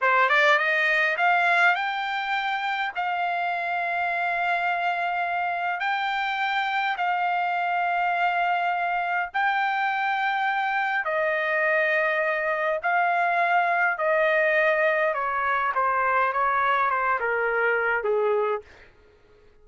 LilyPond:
\new Staff \with { instrumentName = "trumpet" } { \time 4/4 \tempo 4 = 103 c''8 d''8 dis''4 f''4 g''4~ | g''4 f''2.~ | f''2 g''2 | f''1 |
g''2. dis''4~ | dis''2 f''2 | dis''2 cis''4 c''4 | cis''4 c''8 ais'4. gis'4 | }